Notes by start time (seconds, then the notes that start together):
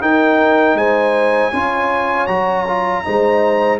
0.00 D#4 A#4 G5
0.74 G#3 C5 G#5
1.51 C#4 F4 C#5
2.27 F#3 F#4 A#5
2.67 F4
3.04 G#3 D#4 C5